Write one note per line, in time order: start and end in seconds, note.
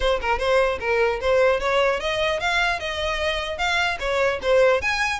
0.00 0.20 C5
0.21 0.39 A#4
0.39 0.79 C5
0.80 1.20 A#4
1.21 1.59 C5
1.59 1.99 C#5
1.99 2.39 D#5
2.39 2.79 F5
2.79 3.58 D#5
3.58 3.98 F5
3.99 4.39 C#5
4.42 4.81 C5
4.81 5.19 G#5